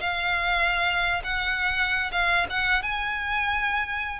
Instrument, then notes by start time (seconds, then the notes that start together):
violin
0.00 F5
1.24 F#5
2.12 F5
2.50 F#5
2.83 G#5